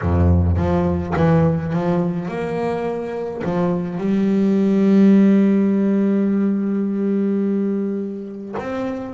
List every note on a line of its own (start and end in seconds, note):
0.01 0.56 F2
0.56 1.14 F3
1.16 1.72 E3
1.72 2.28 F3
2.28 3.42 A#3
3.44 3.98 F3
3.98 8.55 G3
8.58 9.14 C4